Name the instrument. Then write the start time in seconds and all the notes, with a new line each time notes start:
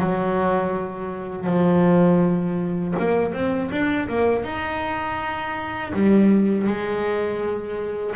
double bass
0.00 F#3
1.47 F3
2.99 A#3
3.34 C4
3.72 D4
4.09 A#3
4.45 D#4
5.94 G3
6.68 G#3